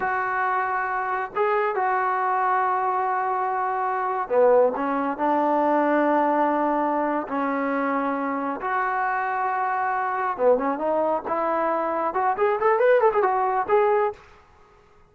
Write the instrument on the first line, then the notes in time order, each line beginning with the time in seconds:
trombone
0.00 F#4
1.35 G#4
1.75 F#4
4.28 B3
4.76 C#4
5.17 D4
7.28 C#4
8.60 F#4
10.37 B3
10.57 C#4
10.78 D#4
11.27 E4
12.14 F#4
12.37 G#4
12.60 A4
12.79 B4
13.00 A4
13.13 G#4
13.22 F#4
13.68 G#4